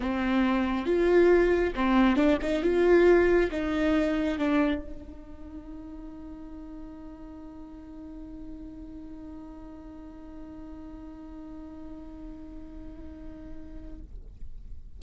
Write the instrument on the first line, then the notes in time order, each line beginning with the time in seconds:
viola
0.00 C4
0.85 F4
1.75 C4
2.16 D4
2.42 D#4
2.62 F4
3.51 D#4
4.38 D4
4.81 D#4